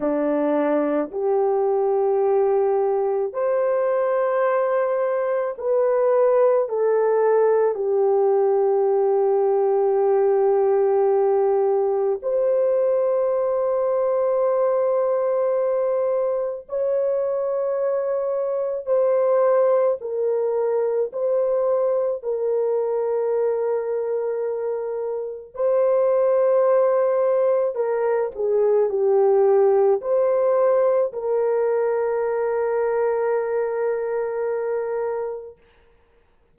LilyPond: \new Staff \with { instrumentName = "horn" } { \time 4/4 \tempo 4 = 54 d'4 g'2 c''4~ | c''4 b'4 a'4 g'4~ | g'2. c''4~ | c''2. cis''4~ |
cis''4 c''4 ais'4 c''4 | ais'2. c''4~ | c''4 ais'8 gis'8 g'4 c''4 | ais'1 | }